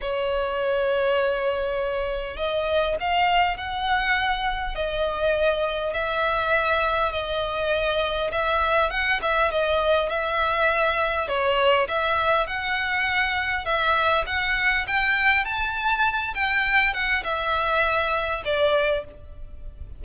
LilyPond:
\new Staff \with { instrumentName = "violin" } { \time 4/4 \tempo 4 = 101 cis''1 | dis''4 f''4 fis''2 | dis''2 e''2 | dis''2 e''4 fis''8 e''8 |
dis''4 e''2 cis''4 | e''4 fis''2 e''4 | fis''4 g''4 a''4. g''8~ | g''8 fis''8 e''2 d''4 | }